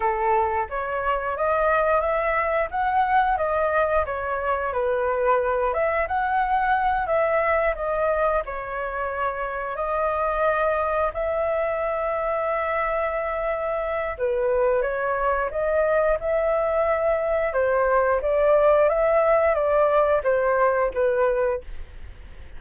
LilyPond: \new Staff \with { instrumentName = "flute" } { \time 4/4 \tempo 4 = 89 a'4 cis''4 dis''4 e''4 | fis''4 dis''4 cis''4 b'4~ | b'8 e''8 fis''4. e''4 dis''8~ | dis''8 cis''2 dis''4.~ |
dis''8 e''2.~ e''8~ | e''4 b'4 cis''4 dis''4 | e''2 c''4 d''4 | e''4 d''4 c''4 b'4 | }